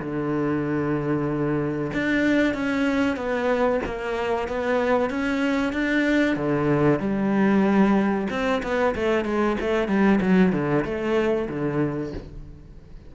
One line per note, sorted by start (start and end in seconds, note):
0.00 1.91 D3
1.93 2.54 D4
2.54 3.16 C#4
3.16 3.80 B3
3.86 4.48 A#3
4.48 5.10 B3
5.10 5.73 C#4
5.73 6.36 D4
6.36 7.00 D3
7.00 8.27 G3
8.30 8.62 C4
8.63 8.94 B3
8.95 9.25 A3
9.25 9.57 G#3
9.60 9.88 A3
9.88 10.20 G3
10.20 10.52 F#3
10.52 10.84 D3
10.85 11.48 A3
11.49 12.13 D3